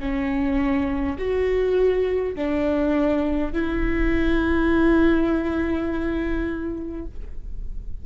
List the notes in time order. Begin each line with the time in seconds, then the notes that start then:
0.00 C#4
1.19 F#4
2.35 D4
3.53 E4